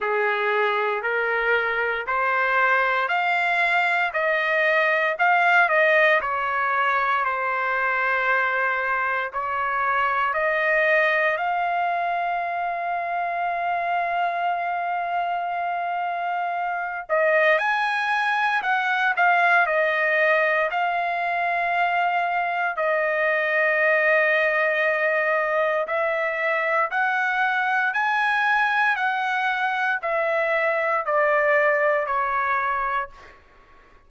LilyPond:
\new Staff \with { instrumentName = "trumpet" } { \time 4/4 \tempo 4 = 58 gis'4 ais'4 c''4 f''4 | dis''4 f''8 dis''8 cis''4 c''4~ | c''4 cis''4 dis''4 f''4~ | f''1~ |
f''8 dis''8 gis''4 fis''8 f''8 dis''4 | f''2 dis''2~ | dis''4 e''4 fis''4 gis''4 | fis''4 e''4 d''4 cis''4 | }